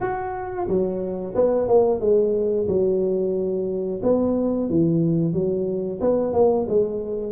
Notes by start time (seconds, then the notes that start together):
0.01 F#4
0.68 F#3
1.35 B3
1.68 A#3
2.00 G#3
2.68 F#3
4.02 B3
4.69 E3
5.33 F#3
6.01 B3
6.33 A#3
6.68 G#3